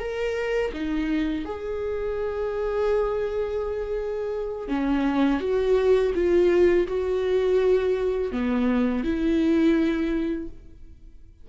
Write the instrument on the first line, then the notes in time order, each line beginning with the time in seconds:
viola
0.00 A#4
0.74 D#4
1.46 G#4
4.69 C#4
5.41 F#4
6.15 F4
6.88 F#4
8.32 B3
9.04 E4